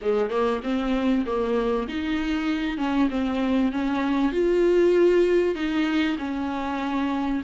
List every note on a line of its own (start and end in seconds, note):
0.01 0.30 G#3
0.30 0.60 A#3
0.63 1.25 C4
1.25 1.87 A#3
1.88 2.77 D#4
2.77 3.08 C#4
3.10 3.71 C4
3.71 4.32 C#4
4.32 5.55 F4
5.55 6.17 D#4
6.18 7.42 C#4